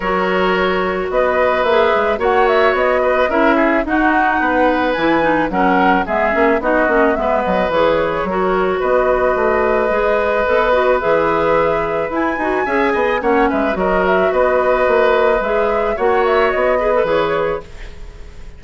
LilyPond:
<<
  \new Staff \with { instrumentName = "flute" } { \time 4/4 \tempo 4 = 109 cis''2 dis''4 e''4 | fis''8 e''8 dis''4 e''4 fis''4~ | fis''4 gis''4 fis''4 e''4 | dis''4 e''8 dis''8 cis''2 |
dis''1 | e''2 gis''2 | fis''8 e''8 dis''8 e''8 dis''2 | e''4 fis''8 e''8 dis''4 cis''4 | }
  \new Staff \with { instrumentName = "oboe" } { \time 4/4 ais'2 b'2 | cis''4. b'8 ais'8 gis'8 fis'4 | b'2 ais'4 gis'4 | fis'4 b'2 ais'4 |
b'1~ | b'2. e''8 dis''8 | cis''8 b'8 ais'4 b'2~ | b'4 cis''4. b'4. | }
  \new Staff \with { instrumentName = "clarinet" } { \time 4/4 fis'2. gis'4 | fis'2 e'4 dis'4~ | dis'4 e'8 dis'8 cis'4 b8 cis'8 | dis'8 cis'8 b4 gis'4 fis'4~ |
fis'2 gis'4 a'8 fis'8 | gis'2 e'8 fis'8 gis'4 | cis'4 fis'2. | gis'4 fis'4. gis'16 a'16 gis'4 | }
  \new Staff \with { instrumentName = "bassoon" } { \time 4/4 fis2 b4 ais8 gis8 | ais4 b4 cis'4 dis'4 | b4 e4 fis4 gis8 ais8 | b8 ais8 gis8 fis8 e4 fis4 |
b4 a4 gis4 b4 | e2 e'8 dis'8 cis'8 b8 | ais8 gis8 fis4 b4 ais4 | gis4 ais4 b4 e4 | }
>>